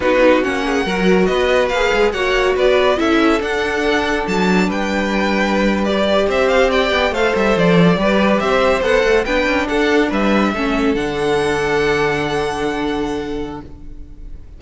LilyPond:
<<
  \new Staff \with { instrumentName = "violin" } { \time 4/4 \tempo 4 = 141 b'4 fis''2 dis''4 | f''4 fis''4 d''4 e''4 | fis''2 a''4 g''4~ | g''4.~ g''16 d''4 e''8 f''8 g''16~ |
g''8. f''8 e''8 d''2 e''16~ | e''8. fis''4 g''4 fis''4 e''16~ | e''4.~ e''16 fis''2~ fis''16~ | fis''1 | }
  \new Staff \with { instrumentName = "violin" } { \time 4/4 fis'4. gis'8 ais'4 b'4~ | b'4 cis''4 b'4 a'4~ | a'2. b'4~ | b'2~ b'8. c''4 d''16~ |
d''8. c''2 b'4 c''16~ | c''4.~ c''16 b'4 a'4 b'16~ | b'8. a'2.~ a'16~ | a'1 | }
  \new Staff \with { instrumentName = "viola" } { \time 4/4 dis'4 cis'4 fis'2 | gis'4 fis'2 e'4 | d'1~ | d'4.~ d'16 g'2~ g'16~ |
g'8. a'2 g'4~ g'16~ | g'8. a'4 d'2~ d'16~ | d'8. cis'4 d'2~ d'16~ | d'1 | }
  \new Staff \with { instrumentName = "cello" } { \time 4/4 b4 ais4 fis4 b4 | ais8 gis8 ais4 b4 cis'4 | d'2 fis4 g4~ | g2~ g8. c'4~ c'16~ |
c'16 b8 a8 g8 f4 g4 c'16~ | c'8. b8 a8 b8 cis'8 d'4 g16~ | g8. a4 d2~ d16~ | d1 | }
>>